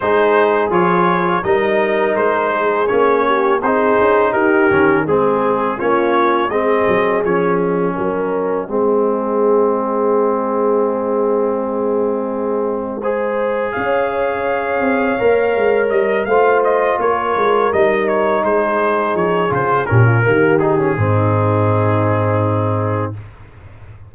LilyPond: <<
  \new Staff \with { instrumentName = "trumpet" } { \time 4/4 \tempo 4 = 83 c''4 cis''4 dis''4 c''4 | cis''4 c''4 ais'4 gis'4 | cis''4 dis''4 cis''8 dis''4.~ | dis''1~ |
dis''2. f''4~ | f''2 dis''8 f''8 dis''8 cis''8~ | cis''8 dis''8 cis''8 c''4 cis''8 c''8 ais'8~ | ais'8 gis'2.~ gis'8 | }
  \new Staff \with { instrumentName = "horn" } { \time 4/4 gis'2 ais'4. gis'8~ | gis'8 g'8 gis'4 g'4 gis'4 | f'4 gis'2 ais'4 | gis'1~ |
gis'2 c''4 cis''4~ | cis''2~ cis''8 c''4 ais'8~ | ais'4. gis'2 g'16 f'16 | g'4 dis'2. | }
  \new Staff \with { instrumentName = "trombone" } { \time 4/4 dis'4 f'4 dis'2 | cis'4 dis'4. cis'8 c'4 | cis'4 c'4 cis'2 | c'1~ |
c'2 gis'2~ | gis'4 ais'4. f'4.~ | f'8 dis'2~ dis'8 f'8 cis'8 | ais8 dis'16 cis'16 c'2. | }
  \new Staff \with { instrumentName = "tuba" } { \time 4/4 gis4 f4 g4 gis4 | ais4 c'8 cis'8 dis'8 dis8 gis4 | ais4 gis8 fis8 f4 fis4 | gis1~ |
gis2. cis'4~ | cis'8 c'8 ais8 gis8 g8 a4 ais8 | gis8 g4 gis4 f8 cis8 ais,8 | dis4 gis,2. | }
>>